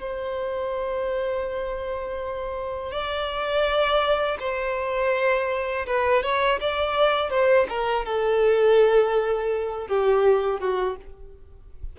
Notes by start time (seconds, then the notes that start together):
0.00 C5
2.91 D5
4.40 C5
5.86 B4
6.23 C#5
6.61 D5
7.30 C5
7.69 A#4
8.05 A4
9.88 G4
10.60 F#4